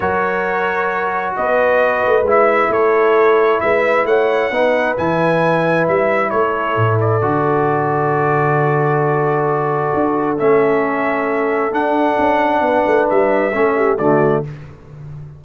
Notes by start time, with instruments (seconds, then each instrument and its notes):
0.00 tuba F#3, trombone F#4, horn A#4, trumpet C#5
1.36 tuba B3, horn B4, trumpet D#5
2.05 tuba A3
2.22 tuba G#3, trombone E4
2.30 trumpet E5
2.69 tuba A3, horn A4, trumpet C#5
3.60 tuba G#3, horn B4, trumpet E5
4.04 tuba A3, horn C#5, trumpet F#5
4.50 tuba B3, trombone D#4, horn B4
4.97 tuba E3, trombone E4, trumpet G#5
5.87 tuba G3, trumpet E5
6.29 tuba A3, horn A4, trumpet C#5
6.76 tuba A2
7.00 trumpet D5
7.21 tuba D3, trombone F#4
9.94 tuba D4
10.38 tuba A3, trombone C#4, trumpet E5
11.71 trombone D4, tuba D4, trumpet F#5
12.18 tuba C#4
12.60 tuba B3, horn B4
12.85 tuba A3
13.09 tuba G3, trumpet E5
13.53 tuba A3, trombone C#4, horn A4
13.76 horn G4
13.98 tuba D3, trombone A3, horn F#4, trumpet D5